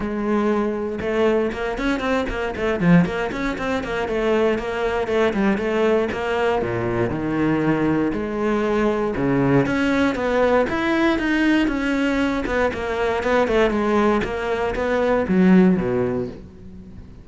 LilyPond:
\new Staff \with { instrumentName = "cello" } { \time 4/4 \tempo 4 = 118 gis2 a4 ais8 cis'8 | c'8 ais8 a8 f8 ais8 cis'8 c'8 ais8 | a4 ais4 a8 g8 a4 | ais4 ais,4 dis2 |
gis2 cis4 cis'4 | b4 e'4 dis'4 cis'4~ | cis'8 b8 ais4 b8 a8 gis4 | ais4 b4 fis4 b,4 | }